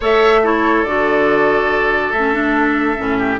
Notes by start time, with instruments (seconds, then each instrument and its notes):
0.00 bassoon A3, clarinet A4, oboe C#5, flute E5
0.42 clarinet E4, oboe A4, flute C#5
0.84 bassoon D3, clarinet F#4, flute D5
2.12 bassoon A3, clarinet C#4, flute E5
2.33 clarinet D4
2.96 bassoon A2, clarinet C#4
3.18 oboe G4